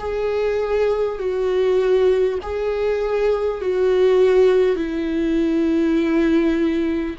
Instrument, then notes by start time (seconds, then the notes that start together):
viola
0.00 G#4
1.19 F#4
2.43 G#4
3.62 F#4
4.76 E4